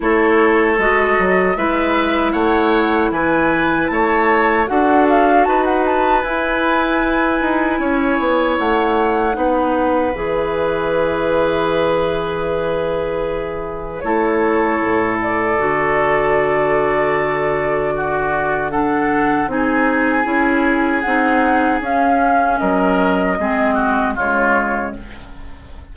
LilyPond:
<<
  \new Staff \with { instrumentName = "flute" } { \time 4/4 \tempo 4 = 77 cis''4 dis''4 e''4 fis''4 | gis''4 a''4 fis''8 f''8 a''16 fis''16 a''8 | gis''2. fis''4~ | fis''4 e''2.~ |
e''2 cis''4. d''8~ | d''1 | fis''4 gis''2 fis''4 | f''4 dis''2 cis''4 | }
  \new Staff \with { instrumentName = "oboe" } { \time 4/4 a'2 b'4 cis''4 | b'4 cis''4 a'4 b'4~ | b'2 cis''2 | b'1~ |
b'2 a'2~ | a'2. fis'4 | a'4 gis'2.~ | gis'4 ais'4 gis'8 fis'8 f'4 | }
  \new Staff \with { instrumentName = "clarinet" } { \time 4/4 e'4 fis'4 e'2~ | e'2 fis'2 | e'1 | dis'4 gis'2.~ |
gis'2 e'2 | fis'1 | d'4 dis'4 e'4 dis'4 | cis'2 c'4 gis4 | }
  \new Staff \with { instrumentName = "bassoon" } { \time 4/4 a4 gis8 fis8 gis4 a4 | e4 a4 d'4 dis'4 | e'4. dis'8 cis'8 b8 a4 | b4 e2.~ |
e2 a4 a,4 | d1~ | d4 c'4 cis'4 c'4 | cis'4 fis4 gis4 cis4 | }
>>